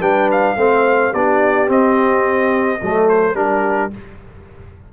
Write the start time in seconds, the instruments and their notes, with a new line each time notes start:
0.00 tuba G3, trombone D4, horn B4, trumpet G5
0.32 trumpet F5
0.56 tuba A3, trombone C4, horn C5
1.12 tuba B3, trombone D4, horn G4, trumpet D5
1.68 trombone C4, tuba C4, trumpet D#5
2.81 tuba F#3, trombone A3, horn A4
3.08 trumpet C5
3.34 tuba G3, trombone D4, horn G4, trumpet A#4